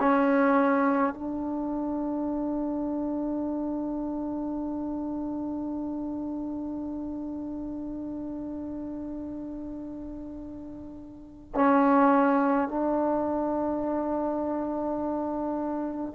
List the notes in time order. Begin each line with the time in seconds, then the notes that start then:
0.00 C#4
1.14 D4
11.55 C#4
12.69 D4